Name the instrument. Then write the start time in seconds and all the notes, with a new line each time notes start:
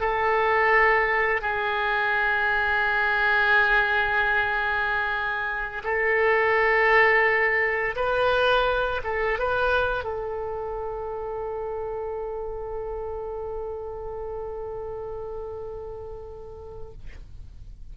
oboe
0.00 A4
1.41 G#4
5.84 A4
7.95 B4
9.04 A4
9.39 B4
10.04 A4